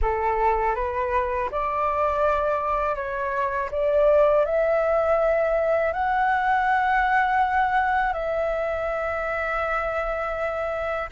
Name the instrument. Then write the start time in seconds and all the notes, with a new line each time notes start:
flute
0.01 A4
0.75 B4
1.51 D5
2.95 C#5
3.71 D5
4.45 E5
5.92 F#5
8.13 E5